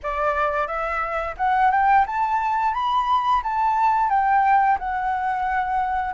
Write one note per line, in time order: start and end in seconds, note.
0.02 0.67 D5
0.67 1.35 E5
1.37 1.71 F#5
1.71 2.05 G5
2.06 2.73 A5
2.73 3.41 B5
3.43 4.09 A5
4.09 4.78 G5
4.79 6.14 F#5